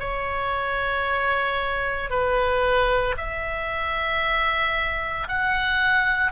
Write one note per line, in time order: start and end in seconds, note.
0.00 2.11 C#5
2.11 3.16 B4
3.18 5.28 E5
5.28 6.32 F#5